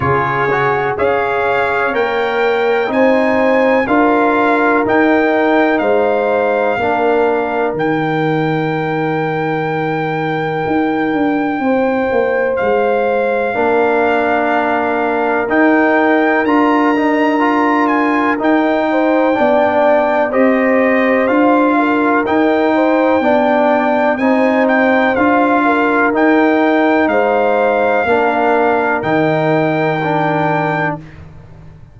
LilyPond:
<<
  \new Staff \with { instrumentName = "trumpet" } { \time 4/4 \tempo 4 = 62 cis''4 f''4 g''4 gis''4 | f''4 g''4 f''2 | g''1~ | g''4 f''2. |
g''4 ais''4. gis''8 g''4~ | g''4 dis''4 f''4 g''4~ | g''4 gis''8 g''8 f''4 g''4 | f''2 g''2 | }
  \new Staff \with { instrumentName = "horn" } { \time 4/4 gis'4 cis''2 c''4 | ais'2 c''4 ais'4~ | ais'1 | c''2 ais'2~ |
ais'2.~ ais'8 c''8 | d''4 c''4. ais'4 c''8 | d''4 c''4. ais'4. | c''4 ais'2. | }
  \new Staff \with { instrumentName = "trombone" } { \time 4/4 f'8 fis'8 gis'4 ais'4 dis'4 | f'4 dis'2 d'4 | dis'1~ | dis'2 d'2 |
dis'4 f'8 dis'8 f'4 dis'4 | d'4 g'4 f'4 dis'4 | d'4 dis'4 f'4 dis'4~ | dis'4 d'4 dis'4 d'4 | }
  \new Staff \with { instrumentName = "tuba" } { \time 4/4 cis4 cis'4 ais4 c'4 | d'4 dis'4 gis4 ais4 | dis2. dis'8 d'8 | c'8 ais8 gis4 ais2 |
dis'4 d'2 dis'4 | b4 c'4 d'4 dis'4 | b4 c'4 d'4 dis'4 | gis4 ais4 dis2 | }
>>